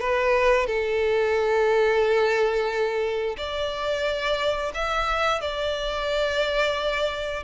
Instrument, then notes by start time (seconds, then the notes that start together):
violin
0.00 B4
0.66 A4
3.37 D5
4.74 E5
5.41 D5